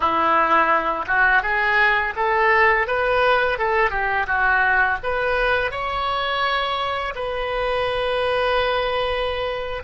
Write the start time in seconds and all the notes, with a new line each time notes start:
0.00 E4
1.07 F#4
1.42 G#4
2.16 A4
2.87 B4
3.58 A4
3.90 G4
4.26 F#4
5.03 B4
5.71 C#5
7.15 B4